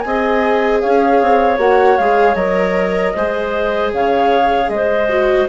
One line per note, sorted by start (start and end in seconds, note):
0.00 0.83 C4
0.00 1.59 G#4
0.00 0.81 D#5
0.00 0.78 G#5
0.81 1.21 C#4
0.81 3.14 C#5
0.81 1.59 F5
1.21 1.58 C4
1.58 1.97 A#3
1.58 1.98 F#4
1.58 1.98 F#5
1.98 2.35 G#3
1.98 2.37 G#4
1.98 2.35 F5
2.35 3.13 F#3
2.35 3.15 A#4
2.35 3.90 D#5
3.14 3.93 G#3
3.14 5.09 G#4
3.14 3.92 C5
3.93 4.69 C#3
3.93 4.71 C#5
3.93 4.69 F5
4.69 5.47 G#3
4.69 5.49 C5
4.69 5.47 D#5
5.09 5.48 F#4